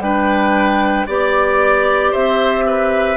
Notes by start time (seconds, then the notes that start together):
0.00 G3 D4 B4 G5
1.07 B3 G4 D5
2.11 C4 C5 E5
2.67 B4